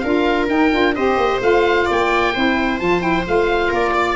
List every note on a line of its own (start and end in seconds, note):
0.00 0.50 D4
0.00 0.48 F4
0.00 0.96 A#4
0.00 0.46 F5
0.48 0.71 D#4
0.48 0.73 D#4
0.48 0.95 G5
0.72 0.97 D4
0.72 0.95 F4
0.95 1.17 C4
0.95 1.41 G4
0.95 1.86 C5
0.95 1.41 D#5
1.17 1.40 A#3
1.41 1.88 A3
1.41 2.33 F4
1.41 1.89 F5
1.86 2.36 A#3
1.86 2.32 D5
1.92 2.80 G5
2.34 2.82 C4
2.34 2.80 E4
2.34 3.69 C5
2.80 3.28 F3
2.80 3.01 F4
2.80 3.02 A5
3.01 3.24 E4
3.01 3.25 G5
3.25 3.72 A3
3.25 4.16 F4
3.25 3.74 F5
3.69 4.16 A#3
3.69 3.92 A#4
3.69 4.16 D5
3.95 4.16 D5